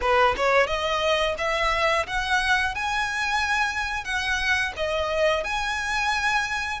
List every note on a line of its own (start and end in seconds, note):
0.01 0.35 B4
0.36 0.67 C#5
0.67 1.35 D#5
1.38 2.06 E5
2.06 2.75 F#5
2.75 4.04 G#5
4.04 4.72 F#5
4.76 5.44 D#5
5.44 6.80 G#5